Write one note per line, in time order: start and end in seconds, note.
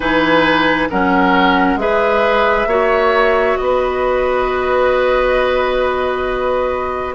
0.00 0.88 E3
0.00 0.90 D#4
0.00 0.88 B4
0.00 0.89 G#5
0.90 1.75 F#3
0.90 1.79 C#4
0.90 1.79 A#4
0.90 1.79 F#5
1.75 2.65 G#3
1.75 2.68 G#4
1.75 2.68 B4
1.75 3.56 E5
2.66 3.55 A#3
2.66 7.14 F#4
2.66 3.58 C#5
3.56 7.14 B3
3.56 7.14 D#5
3.63 7.14 B4